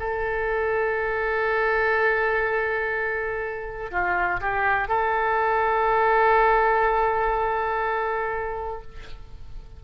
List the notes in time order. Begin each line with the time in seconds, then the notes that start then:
0.00 A4
3.92 F4
4.41 G4
4.89 A4